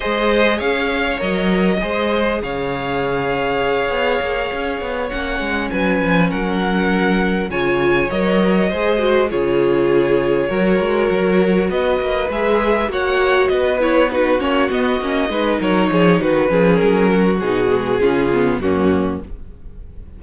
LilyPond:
<<
  \new Staff \with { instrumentName = "violin" } { \time 4/4 \tempo 4 = 100 dis''4 f''4 dis''2 | f''1~ | f''8 fis''4 gis''4 fis''4.~ | fis''8 gis''4 dis''2 cis''8~ |
cis''2.~ cis''8 dis''8~ | dis''8 e''4 fis''4 dis''8 cis''8 b'8 | cis''8 dis''4. cis''4 b'4 | ais'4 gis'2 fis'4 | }
  \new Staff \with { instrumentName = "violin" } { \time 4/4 c''4 cis''2 c''4 | cis''1~ | cis''4. b'4 ais'4.~ | ais'8 cis''2 c''4 gis'8~ |
gis'4. ais'2 b'8~ | b'4. cis''4 b'4 fis'8~ | fis'4. b'8 ais'8 gis'8 fis'8 gis'8~ | gis'8 fis'4. f'4 cis'4 | }
  \new Staff \with { instrumentName = "viola" } { \time 4/4 gis'2 ais'4 gis'4~ | gis'1~ | gis'8 cis'2.~ cis'8~ | cis'8 f'4 ais'4 gis'8 fis'8 f'8~ |
f'4. fis'2~ fis'8~ | fis'8 gis'4 fis'4. e'8 dis'8 | cis'8 b8 cis'8 dis'2 cis'8~ | cis'4 dis'8 gis8 cis'8 b8 ais4 | }
  \new Staff \with { instrumentName = "cello" } { \time 4/4 gis4 cis'4 fis4 gis4 | cis2~ cis8 b8 ais8 cis'8 | b8 ais8 gis8 fis8 f8 fis4.~ | fis8 cis4 fis4 gis4 cis8~ |
cis4. fis8 gis8 fis4 b8 | ais8 gis4 ais4 b4. | ais8 b8 ais8 gis8 fis8 f8 dis8 f8 | fis4 b,4 cis4 fis,4 | }
>>